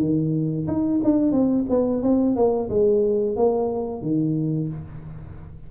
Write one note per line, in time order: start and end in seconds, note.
0.00 0.67 D#3
0.67 1.00 D#4
1.04 1.32 D4
1.32 1.65 C4
1.69 2.02 B3
2.02 2.35 C4
2.35 2.69 A#3
2.69 3.36 G#3
3.36 4.02 A#3
4.02 4.68 D#3